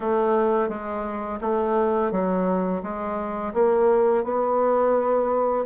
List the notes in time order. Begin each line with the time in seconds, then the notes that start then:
0.00 A3
0.69 G#3
1.41 A3
2.11 F#3
2.82 G#3
3.53 A#3
4.24 B3